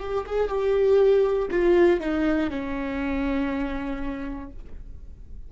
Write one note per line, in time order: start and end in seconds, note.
0.00 0.25 G4
0.26 0.48 G#4
0.48 1.48 G4
1.50 2.00 F4
2.00 2.50 D#4
2.50 4.50 C#4